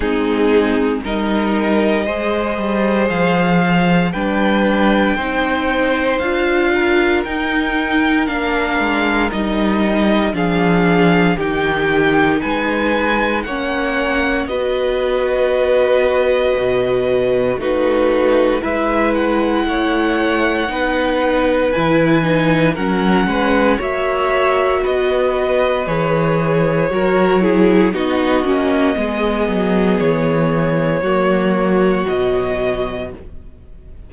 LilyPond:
<<
  \new Staff \with { instrumentName = "violin" } { \time 4/4 \tempo 4 = 58 gis'4 dis''2 f''4 | g''2 f''4 g''4 | f''4 dis''4 f''4 g''4 | gis''4 fis''4 dis''2~ |
dis''4 b'4 e''8 fis''4.~ | fis''4 gis''4 fis''4 e''4 | dis''4 cis''2 dis''4~ | dis''4 cis''2 dis''4 | }
  \new Staff \with { instrumentName = "violin" } { \time 4/4 dis'4 ais'4 c''2 | b'4 c''4. ais'4.~ | ais'2 gis'4 g'4 | b'4 cis''4 b'2~ |
b'4 fis'4 b'4 cis''4 | b'2 ais'8 b'8 cis''4 | b'2 ais'8 gis'8 fis'4 | gis'2 fis'2 | }
  \new Staff \with { instrumentName = "viola" } { \time 4/4 c'4 dis'4 gis'2 | d'4 dis'4 f'4 dis'4 | d'4 dis'4 d'4 dis'4~ | dis'4 cis'4 fis'2~ |
fis'4 dis'4 e'2 | dis'4 e'8 dis'8 cis'4 fis'4~ | fis'4 gis'4 fis'8 e'8 dis'8 cis'8 | b2 ais4 fis4 | }
  \new Staff \with { instrumentName = "cello" } { \time 4/4 gis4 g4 gis8 g8 f4 | g4 c'4 d'4 dis'4 | ais8 gis8 g4 f4 dis4 | gis4 ais4 b2 |
b,4 a4 gis4 a4 | b4 e4 fis8 gis8 ais4 | b4 e4 fis4 b8 ais8 | gis8 fis8 e4 fis4 b,4 | }
>>